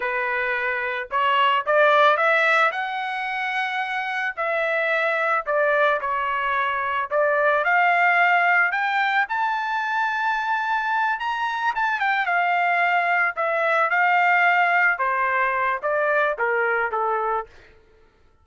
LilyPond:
\new Staff \with { instrumentName = "trumpet" } { \time 4/4 \tempo 4 = 110 b'2 cis''4 d''4 | e''4 fis''2. | e''2 d''4 cis''4~ | cis''4 d''4 f''2 |
g''4 a''2.~ | a''8 ais''4 a''8 g''8 f''4.~ | f''8 e''4 f''2 c''8~ | c''4 d''4 ais'4 a'4 | }